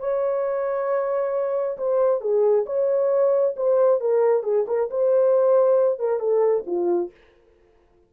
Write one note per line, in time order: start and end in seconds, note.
0.00 1.78 C#5
1.78 2.21 C5
2.21 2.65 G#4
2.67 3.56 C#5
3.57 4.01 C5
4.01 4.44 A#4
4.44 4.66 G#4
4.68 4.90 A#4
4.91 6.00 C5
6.00 6.20 A#4
6.20 6.65 A4
6.67 7.12 F4